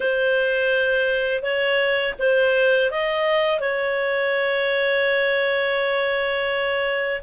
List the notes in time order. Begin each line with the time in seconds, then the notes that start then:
0.00 C5
1.42 C#5
2.18 C5
2.90 D#5
3.59 C#5